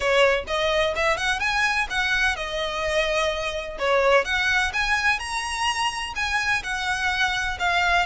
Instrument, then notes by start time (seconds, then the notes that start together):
violin
0.00 C#5
0.47 D#5
0.95 E5
1.17 F#5
1.39 G#5
1.90 F#5
2.36 D#5
3.79 C#5
4.24 F#5
4.73 G#5
5.19 A#5
6.15 G#5
6.63 F#5
7.59 F5